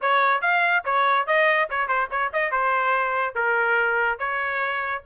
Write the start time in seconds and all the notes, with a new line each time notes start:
0.01 C#5
0.41 F5
0.84 C#5
1.27 D#5
1.70 C#5
1.88 C5
2.11 C#5
2.32 D#5
2.51 C5
3.35 A#4
4.18 C#5